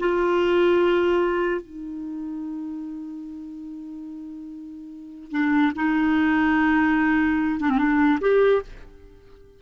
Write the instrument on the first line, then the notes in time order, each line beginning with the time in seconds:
clarinet
0.00 F4
1.62 D#4
5.32 D4
5.76 D#4
7.60 D4
7.70 C4
7.78 D4
8.21 G4